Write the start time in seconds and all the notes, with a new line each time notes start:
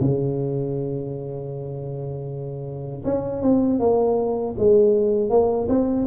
0.00 C#3
3.04 C#4
3.41 C4
3.79 A#3
4.58 G#3
5.30 A#3
5.68 C4